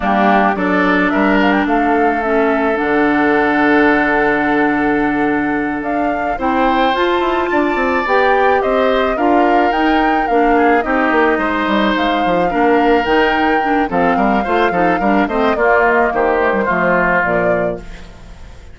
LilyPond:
<<
  \new Staff \with { instrumentName = "flute" } { \time 4/4 \tempo 4 = 108 g'4 d''4 e''8 f''16 g''16 f''4 | e''4 fis''2.~ | fis''2~ fis''8 f''4 g''8~ | g''8 a''2 g''4 dis''8~ |
dis''8 f''4 g''4 f''4 dis''8~ | dis''4. f''2 g''8~ | g''4 f''2~ f''8 dis''8 | d''8 dis''8 c''2 d''4 | }
  \new Staff \with { instrumentName = "oboe" } { \time 4/4 d'4 a'4 ais'4 a'4~ | a'1~ | a'2.~ a'8 c''8~ | c''4. d''2 c''8~ |
c''8 ais'2~ ais'8 gis'8 g'8~ | g'8 c''2 ais'4.~ | ais'4 a'8 ais'8 c''8 a'8 ais'8 c''8 | f'4 g'4 f'2 | }
  \new Staff \with { instrumentName = "clarinet" } { \time 4/4 ais4 d'2. | cis'4 d'2.~ | d'2.~ d'8 e'8~ | e'8 f'2 g'4.~ |
g'8 f'4 dis'4 d'4 dis'8~ | dis'2~ dis'8 d'4 dis'8~ | dis'8 d'8 c'4 f'8 dis'8 d'8 c'8 | ais4. a16 g16 a4 f4 | }
  \new Staff \with { instrumentName = "bassoon" } { \time 4/4 g4 fis4 g4 a4~ | a4 d2.~ | d2~ d8 d'4 c'8~ | c'8 f'8 e'8 d'8 c'8 b4 c'8~ |
c'8 d'4 dis'4 ais4 c'8 | ais8 gis8 g8 gis8 f8 ais4 dis8~ | dis4 f8 g8 a8 f8 g8 a8 | ais4 dis4 f4 ais,4 | }
>>